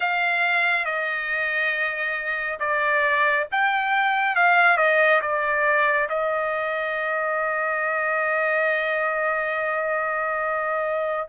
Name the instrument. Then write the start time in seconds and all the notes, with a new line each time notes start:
trumpet
0.00 F5
0.85 D#5
2.59 D5
3.51 G5
4.35 F5
4.77 D#5
5.21 D5
6.09 D#5